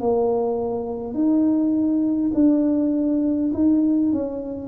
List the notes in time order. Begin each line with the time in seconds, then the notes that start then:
0.00 A#3
1.14 D#4
2.34 D4
3.53 D#4
4.12 C#4